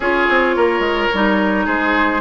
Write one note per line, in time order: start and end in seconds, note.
0.00 0.26 C#4
0.00 1.12 F4
0.00 0.55 G#4
0.00 1.67 C#5
0.29 0.56 C4
0.55 0.79 A#3
0.55 1.65 A#4
0.79 1.07 G#3
1.13 1.66 G3
1.13 2.21 D#4
1.65 2.21 G#3
1.65 2.21 G#4
1.65 2.21 C5